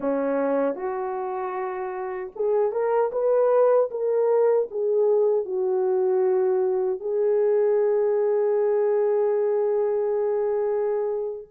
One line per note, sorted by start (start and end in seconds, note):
0.00 0.75 C#4
0.75 2.31 F#4
2.35 2.72 G#4
2.72 3.11 A#4
3.12 3.90 B4
3.90 4.68 A#4
4.70 5.45 G#4
5.45 7.00 F#4
7.00 11.48 G#4